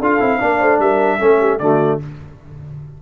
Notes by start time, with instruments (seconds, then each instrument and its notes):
0.00 tuba D4, trombone F4, horn A4, trumpet F5
0.20 tuba C4, trombone E4
0.40 tuba A#3, trombone D4, horn D5
0.59 tuba A3, horn C5
0.79 tuba G3, horn A#4, trumpet E5
1.19 tuba A3, trombone C#4, horn A4
1.39 horn G4
1.59 tuba D3, trombone A3, horn F#4, trumpet D5